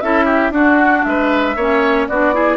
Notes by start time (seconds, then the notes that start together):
0.00 C#4 E4 A4 E5
0.25 G4
0.50 D4 F#4 F#5
1.04 G#3 B4 E5
1.56 A#3 C#4 C#5
2.08 B3 D4 F#4 D5
2.33 E4 G#4